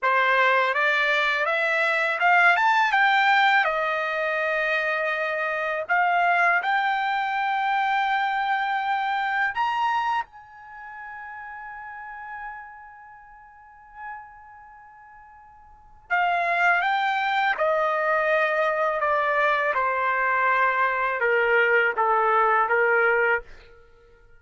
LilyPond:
\new Staff \with { instrumentName = "trumpet" } { \time 4/4 \tempo 4 = 82 c''4 d''4 e''4 f''8 a''8 | g''4 dis''2. | f''4 g''2.~ | g''4 ais''4 gis''2~ |
gis''1~ | gis''2 f''4 g''4 | dis''2 d''4 c''4~ | c''4 ais'4 a'4 ais'4 | }